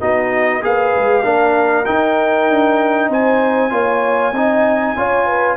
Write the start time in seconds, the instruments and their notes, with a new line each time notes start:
0.00 tuba B3, trombone D#4, horn F#4, trumpet D#5
0.62 tuba A#3, trombone G#4, horn B4, trumpet F5
0.96 tuba G#3
1.23 tuba A#3, trombone D4, horn A#4
1.85 trombone D#4, tuba D#4, trumpet G5
2.50 tuba D4
3.09 tuba C4, horn C5, trumpet G#5
3.70 tuba A#3, trombone F4, horn C#5
4.32 tuba C4, trombone D#4, horn D#5
4.97 tuba C#4, trombone F4, horn C#5
5.26 horn B4